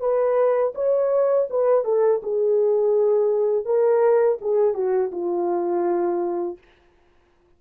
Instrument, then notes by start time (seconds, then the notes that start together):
horn
0.00 B4
0.75 C#5
1.50 B4
1.85 A4
2.23 G#4
3.65 A#4
4.41 G#4
4.74 F#4
5.12 F4